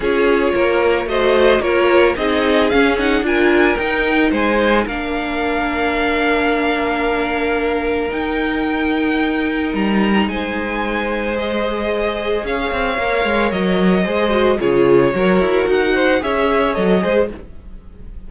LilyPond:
<<
  \new Staff \with { instrumentName = "violin" } { \time 4/4 \tempo 4 = 111 cis''2 dis''4 cis''4 | dis''4 f''8 fis''8 gis''4 g''4 | gis''4 f''2.~ | f''2. g''4~ |
g''2 ais''4 gis''4~ | gis''4 dis''2 f''4~ | f''4 dis''2 cis''4~ | cis''4 fis''4 e''4 dis''4 | }
  \new Staff \with { instrumentName = "violin" } { \time 4/4 gis'4 ais'4 c''4 ais'4 | gis'2 ais'2 | c''4 ais'2.~ | ais'1~ |
ais'2. c''4~ | c''2. cis''4~ | cis''2 c''4 gis'4 | ais'4. c''8 cis''4. c''8 | }
  \new Staff \with { instrumentName = "viola" } { \time 4/4 f'2 fis'4 f'4 | dis'4 cis'8 dis'8 f'4 dis'4~ | dis'4 d'2.~ | d'2. dis'4~ |
dis'1~ | dis'4 gis'2. | ais'2 gis'8 fis'8 f'4 | fis'2 gis'4 a'8 gis'8 | }
  \new Staff \with { instrumentName = "cello" } { \time 4/4 cis'4 ais4 a4 ais4 | c'4 cis'4 d'4 dis'4 | gis4 ais2.~ | ais2. dis'4~ |
dis'2 g4 gis4~ | gis2. cis'8 c'8 | ais8 gis8 fis4 gis4 cis4 | fis8 e'8 dis'4 cis'4 fis8 gis8 | }
>>